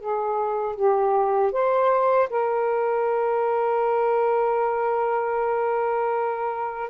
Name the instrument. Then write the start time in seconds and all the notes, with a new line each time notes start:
saxophone
0.00 G#4
0.76 G4
1.52 C5
2.30 A#4